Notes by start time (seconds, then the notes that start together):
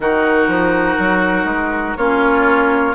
0.00 D#3 D#4 F#4 A#4
0.47 F3
0.98 F#3
1.44 G#3
1.96 A#3 C#4 F4 C#5